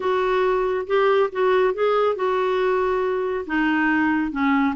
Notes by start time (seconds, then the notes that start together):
0.00 F#4
0.87 G4
1.31 F#4
1.74 G#4
2.15 F#4
3.46 D#4
4.31 C#4